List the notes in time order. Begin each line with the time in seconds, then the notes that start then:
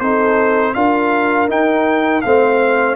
0.00 C4 D#4 A4 C5
0.74 D4 F4 A#4 F5
1.49 D#4 G5
2.22 A3 C4 C5 F5